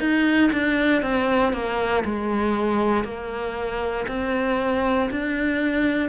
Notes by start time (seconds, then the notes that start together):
0.00 D#4
0.52 D4
1.02 C4
1.53 A#3
2.05 G#3
3.05 A#3
4.08 C4
5.11 D4